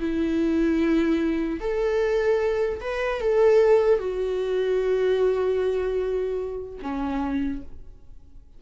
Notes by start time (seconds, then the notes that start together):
0.00 E4
1.61 A4
2.81 B4
3.21 A4
3.99 F#4
6.82 C#4